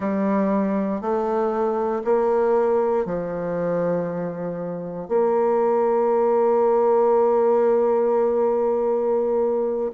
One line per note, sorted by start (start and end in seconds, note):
0.00 1.01 G3
1.01 2.02 A3
2.04 3.05 A#3
3.05 5.08 F3
5.08 9.91 A#3